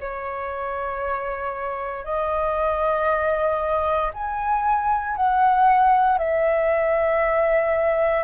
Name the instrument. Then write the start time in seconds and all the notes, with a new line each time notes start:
flute
0.00 C#5
2.04 D#5
4.14 G#5
5.16 F#5
6.18 E5